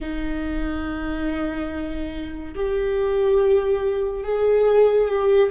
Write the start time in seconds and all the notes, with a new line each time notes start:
0.00 D#4
2.55 G4
4.23 G#4
5.08 G4